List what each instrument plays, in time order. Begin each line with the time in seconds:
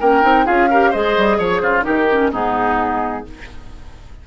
0.00 bassoon A#3, clarinet C#4, oboe A#4, flute G5
0.22 bassoon C4, clarinet D#4
0.45 bassoon C#4, clarinet F4, oboe G#4, flute F5
0.71 clarinet G4, oboe A#4
0.90 bassoon G#3, clarinet G#4, oboe C5, flute D#5
1.17 bassoon G3
1.38 bassoon F3, oboe C#5, flute C#5
1.60 bassoon C#3, oboe F4, flute C5
1.81 clarinet D#4, oboe G4, flute A#4
1.87 bassoon D#3
2.11 clarinet C#4
2.31 bassoon G#2, clarinet B3, oboe D#4, flute G#4